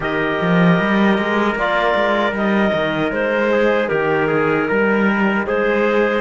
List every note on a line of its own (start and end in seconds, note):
0.00 0.38 D#3
0.00 1.54 G4
0.00 3.51 A#4
0.00 1.57 D#5
0.41 0.79 F3
0.79 1.18 G3
1.18 1.55 G#3
1.55 1.94 A#3
1.55 2.32 F4
1.55 2.36 D5
1.95 2.32 G#3
2.32 2.71 G3
2.32 6.21 D#4
2.32 3.12 D#5
2.73 3.11 D#3
3.11 3.89 G#3
3.11 3.88 C5
3.52 3.89 G#4
3.88 4.69 D#3
3.88 4.27 G4
3.88 5.44 A#4
4.27 4.66 G#4
4.68 5.47 G3
4.68 5.46 A#4
5.46 6.21 G#3
5.46 6.21 G#4
5.46 6.21 C5